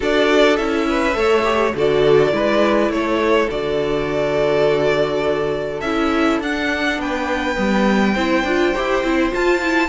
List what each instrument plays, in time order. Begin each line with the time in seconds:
0.00 cello D4, viola F#4, violin A4 D5
0.56 cello C#4, viola E4, violin E5
0.88 violin B4
1.13 cello A3, viola A4, violin C#5
1.43 viola G4
1.74 cello D3, viola F#4, violin A4 D5
2.31 cello G#3, viola E4, violin B4
2.89 cello A3, violin A4 C#5
3.49 cello D3, viola F#4, violin D5
5.80 cello C#4, viola E4, violin E5
6.39 cello D4, viola D4, violin F#5
6.98 cello B3, violin B4 G5
7.55 cello G3, viola B3
8.14 cello C4, viola E4, violin C5
8.43 cello D4, viola F4
8.75 cello E4, viola G4
9.03 cello C4, viola E4
9.31 viola F4, cello F4, violin A5
9.61 viola E4